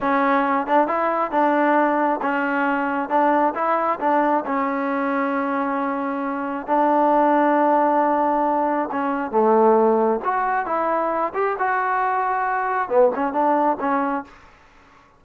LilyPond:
\new Staff \with { instrumentName = "trombone" } { \time 4/4 \tempo 4 = 135 cis'4. d'8 e'4 d'4~ | d'4 cis'2 d'4 | e'4 d'4 cis'2~ | cis'2. d'4~ |
d'1 | cis'4 a2 fis'4 | e'4. g'8 fis'2~ | fis'4 b8 cis'8 d'4 cis'4 | }